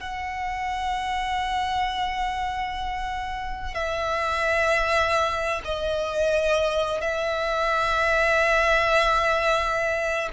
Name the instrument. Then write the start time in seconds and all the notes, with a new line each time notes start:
violin
0.00 F#5
3.74 E5
5.64 D#5
7.01 E5